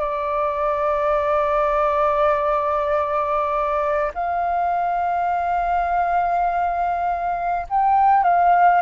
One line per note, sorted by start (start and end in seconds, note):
0.00 4.12 D5
4.14 7.67 F5
7.70 8.24 G5
8.24 8.82 F5